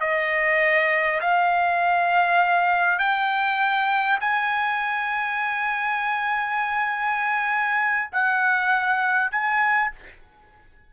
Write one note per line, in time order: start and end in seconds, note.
0.00 1.20 D#5
1.20 2.98 F5
2.98 4.18 G5
4.20 8.10 G#5
8.11 9.31 F#5
9.31 9.91 G#5